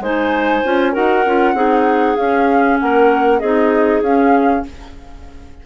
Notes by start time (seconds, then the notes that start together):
0.00 G#3 D#4 C5 G#5
0.64 C#4 F4
0.92 D#4 F#4 A#4 F#5
1.25 C#4 F4
1.54 C4 D#4 G#4
2.16 C#4 F5
2.79 A#3 A#4 F#5
3.39 C4 D#4 G#4 D#5
4.01 C#4 F5